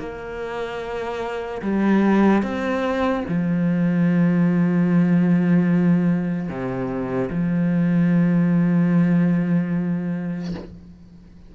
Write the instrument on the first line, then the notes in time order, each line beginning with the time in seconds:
cello
0.00 A#3
1.62 G3
2.43 C4
3.29 F3
6.49 C3
7.30 F3